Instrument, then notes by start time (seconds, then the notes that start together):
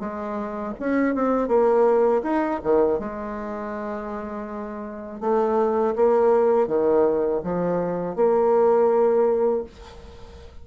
bassoon
0.00 G#3
0.80 C#4
1.15 C4
1.48 A#3
2.23 D#4
2.64 D#3
2.99 G#3
5.21 A3
5.96 A#3
6.67 D#3
7.44 F3
8.16 A#3